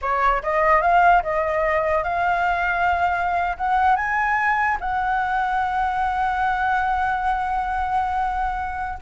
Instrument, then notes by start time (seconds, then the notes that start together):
flute
0.01 C#5
0.42 D#5
0.81 F5
1.22 D#5
2.03 F5
3.57 F#5
3.96 G#5
4.80 F#5